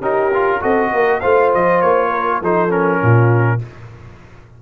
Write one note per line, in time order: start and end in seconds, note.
0.00 0.60 C#4
0.00 0.32 D#4
0.00 0.60 G4
0.00 0.62 A#4
0.33 0.60 F4
0.60 0.92 C4
0.60 1.20 F#4
0.60 0.92 A4
0.60 1.20 D#5
0.92 1.22 A#3
0.92 1.20 A#4
1.20 1.54 A3
1.20 2.42 F4
1.20 2.09 C5
1.20 1.50 F5
1.54 1.82 F3
1.54 1.81 D#5
1.81 2.41 A#3
1.81 2.41 C#5
2.09 2.39 A#4
2.41 3.01 F3
2.41 2.69 D#4
2.41 3.01 A4
2.41 2.71 C5
2.69 3.59 C#4
2.69 3.61 A#4
3.01 3.62 A#2
3.01 3.61 F4